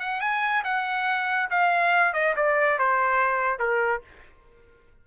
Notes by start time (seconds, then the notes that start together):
0.00 F#5
0.21 G#5
0.64 F#5
1.50 F5
2.14 D#5
2.36 D5
2.79 C5
3.59 A#4